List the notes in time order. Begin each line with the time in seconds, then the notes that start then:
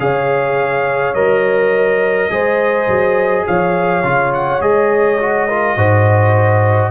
0.00 C#3 G#4 C#5 F5
1.14 F#3 A#4 D#5
2.31 G#3 G#4 C5
2.88 F#3
3.47 F3 C#5 F5
4.03 C#3 F4
4.34 F#5
4.61 G#3 G#4 D#5
5.20 F#4
5.48 F4 A#4
5.77 G#2 F#4 C5